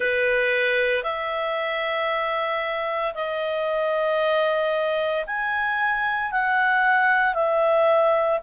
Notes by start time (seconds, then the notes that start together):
0.00 B4
1.02 E5
3.14 D#5
5.26 G#5
6.32 F#5
7.34 E5